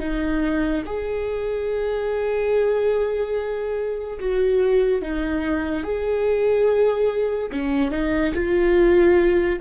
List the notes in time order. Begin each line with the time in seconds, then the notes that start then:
0.00 D#4
0.86 G#4
4.20 F#4
5.02 D#4
5.84 G#4
7.52 C#4
7.91 D#4
8.35 F4